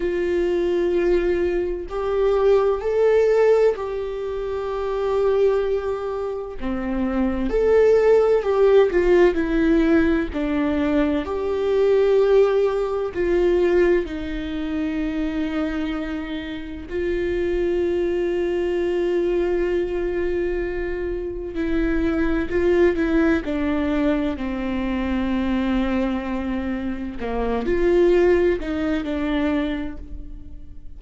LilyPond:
\new Staff \with { instrumentName = "viola" } { \time 4/4 \tempo 4 = 64 f'2 g'4 a'4 | g'2. c'4 | a'4 g'8 f'8 e'4 d'4 | g'2 f'4 dis'4~ |
dis'2 f'2~ | f'2. e'4 | f'8 e'8 d'4 c'2~ | c'4 ais8 f'4 dis'8 d'4 | }